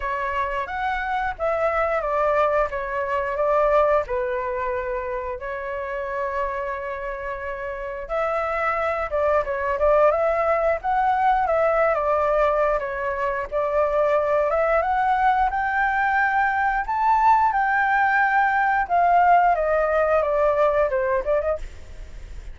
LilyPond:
\new Staff \with { instrumentName = "flute" } { \time 4/4 \tempo 4 = 89 cis''4 fis''4 e''4 d''4 | cis''4 d''4 b'2 | cis''1 | e''4. d''8 cis''8 d''8 e''4 |
fis''4 e''8. d''4~ d''16 cis''4 | d''4. e''8 fis''4 g''4~ | g''4 a''4 g''2 | f''4 dis''4 d''4 c''8 d''16 dis''16 | }